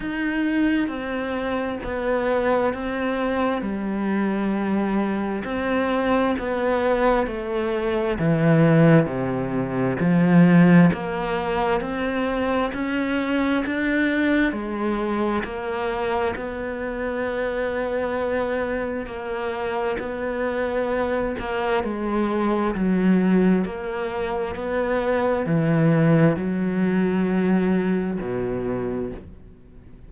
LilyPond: \new Staff \with { instrumentName = "cello" } { \time 4/4 \tempo 4 = 66 dis'4 c'4 b4 c'4 | g2 c'4 b4 | a4 e4 c4 f4 | ais4 c'4 cis'4 d'4 |
gis4 ais4 b2~ | b4 ais4 b4. ais8 | gis4 fis4 ais4 b4 | e4 fis2 b,4 | }